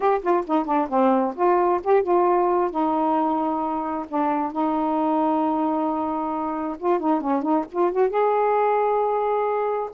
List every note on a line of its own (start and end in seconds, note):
0.00 0.21 G4
0.22 0.44 F4
0.46 0.65 D#4
0.65 0.88 D4
0.89 1.34 C4
1.35 1.80 F4
1.83 2.03 G4
2.03 2.70 F4
2.70 4.06 D#4
4.08 4.51 D4
4.51 6.77 D#4
6.78 6.99 F4
6.99 7.20 D#4
7.20 7.42 C#4
7.42 7.64 D#4
7.71 7.92 F4
7.92 8.09 F#4
8.09 9.90 G#4